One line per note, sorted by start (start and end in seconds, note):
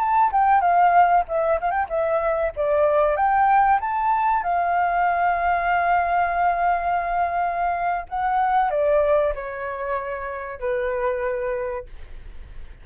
0.00 0.32 A5
0.33 0.61 G5
0.61 1.25 F5
1.29 1.60 E5
1.61 1.71 F5
1.71 1.87 G5
1.89 2.53 E5
2.56 3.17 D5
3.17 3.80 G5
3.81 4.44 A5
4.44 8.07 F5
8.09 8.71 F#5
8.71 9.34 D5
9.35 10.60 C#5
10.60 11.86 B4